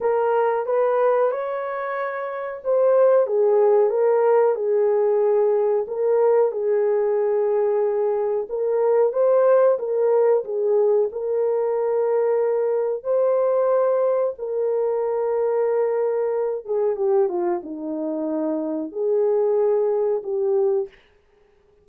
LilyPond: \new Staff \with { instrumentName = "horn" } { \time 4/4 \tempo 4 = 92 ais'4 b'4 cis''2 | c''4 gis'4 ais'4 gis'4~ | gis'4 ais'4 gis'2~ | gis'4 ais'4 c''4 ais'4 |
gis'4 ais'2. | c''2 ais'2~ | ais'4. gis'8 g'8 f'8 dis'4~ | dis'4 gis'2 g'4 | }